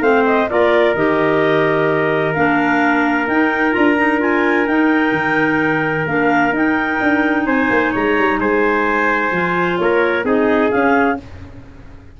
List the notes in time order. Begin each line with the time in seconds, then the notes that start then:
0.00 A3 C4 C5 F5
0.26 D#5
0.49 A#3 F4 A#4 D5
0.94 D#3 G4 D#5
2.34 A#3 D4 F5
3.28 D#4 G5
3.72 D4 F4 A#5
3.98 D#4
4.19 F4 G#5
4.67 D#4 G5
5.12 D#3
6.06 A#3 D4 F5
6.52 D#4 G5
7.00 D4
7.46 C4 C5 G#5
7.70 A#3
7.91 G#3 C#5 A#5
8.18 G3
8.39 G#3 C5 G#5
9.31 F3 F4
9.78 A#3 A#4 C#5
10.23 C4 D#4 G#4 D#5
10.71 C#4 F5